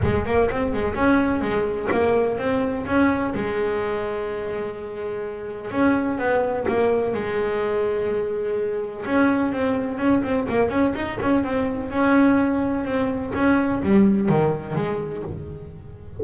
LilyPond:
\new Staff \with { instrumentName = "double bass" } { \time 4/4 \tempo 4 = 126 gis8 ais8 c'8 gis8 cis'4 gis4 | ais4 c'4 cis'4 gis4~ | gis1 | cis'4 b4 ais4 gis4~ |
gis2. cis'4 | c'4 cis'8 c'8 ais8 cis'8 dis'8 cis'8 | c'4 cis'2 c'4 | cis'4 g4 dis4 gis4 | }